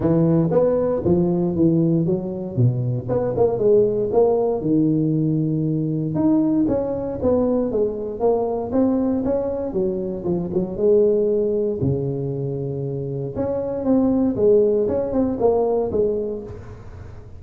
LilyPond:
\new Staff \with { instrumentName = "tuba" } { \time 4/4 \tempo 4 = 117 e4 b4 f4 e4 | fis4 b,4 b8 ais8 gis4 | ais4 dis2. | dis'4 cis'4 b4 gis4 |
ais4 c'4 cis'4 fis4 | f8 fis8 gis2 cis4~ | cis2 cis'4 c'4 | gis4 cis'8 c'8 ais4 gis4 | }